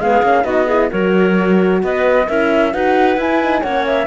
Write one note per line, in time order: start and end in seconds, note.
0.00 0.23 G#3
0.00 0.23 B3
0.00 0.44 G#4
0.00 0.45 F5
0.23 0.44 A#3
0.23 0.44 C#4
0.44 0.90 B3
0.44 0.67 D#4
0.44 0.66 F#4
0.44 0.90 D#5
0.66 0.90 E4
0.66 0.89 G#4
0.90 1.83 F#3
0.90 2.27 F#4
0.90 1.82 A#4
0.90 1.83 C#5
1.83 2.29 B3
1.83 2.28 B4
1.83 2.29 D#5
2.28 2.74 C#4
2.28 2.73 E4
2.28 2.73 A#4
2.28 2.74 E5
2.73 3.17 D#4
2.73 3.19 F#4
2.73 3.62 B4
2.73 3.19 F#5
3.17 3.62 E4
3.17 3.42 E4
3.17 3.63 G#5
3.42 3.64 D#4
3.62 4.07 A#3
3.62 4.07 C#4
3.62 4.07 C#5
3.62 3.85 F#5
3.87 4.07 E5